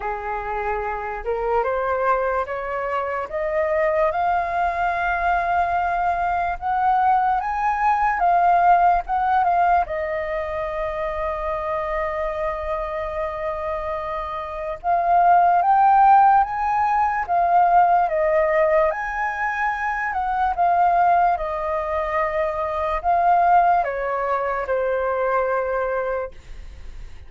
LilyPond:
\new Staff \with { instrumentName = "flute" } { \time 4/4 \tempo 4 = 73 gis'4. ais'8 c''4 cis''4 | dis''4 f''2. | fis''4 gis''4 f''4 fis''8 f''8 | dis''1~ |
dis''2 f''4 g''4 | gis''4 f''4 dis''4 gis''4~ | gis''8 fis''8 f''4 dis''2 | f''4 cis''4 c''2 | }